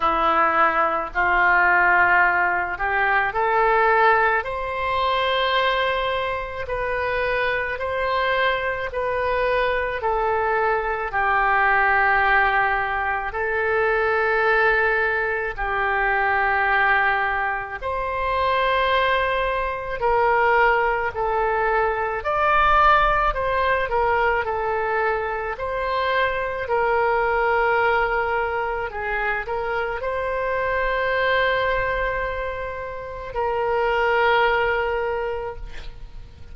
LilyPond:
\new Staff \with { instrumentName = "oboe" } { \time 4/4 \tempo 4 = 54 e'4 f'4. g'8 a'4 | c''2 b'4 c''4 | b'4 a'4 g'2 | a'2 g'2 |
c''2 ais'4 a'4 | d''4 c''8 ais'8 a'4 c''4 | ais'2 gis'8 ais'8 c''4~ | c''2 ais'2 | }